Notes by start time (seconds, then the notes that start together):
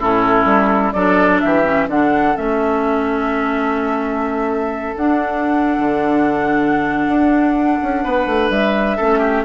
0.00 A2 C#4 E4 A4
0.46 G3
0.93 F#3 D4 A4 D5
1.41 E3 G4 E5
1.65 C#4
1.88 D3 D4 A4 F#5
2.36 A3 C#4 E5
4.96 D4 F#5
5.79 D3
7.08 D4
7.83 C#4
8.04 B3 B4
8.27 A3
8.50 G3 E5
8.98 A3 C#4 A4
9.19 G4